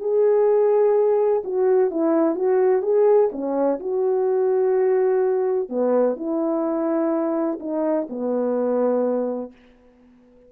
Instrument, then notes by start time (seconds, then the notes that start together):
horn
0.00 G#4
1.45 F#4
1.91 E4
2.35 F#4
2.82 G#4
3.32 C#4
3.80 F#4
5.69 B3
6.16 E4
7.60 D#4
8.10 B3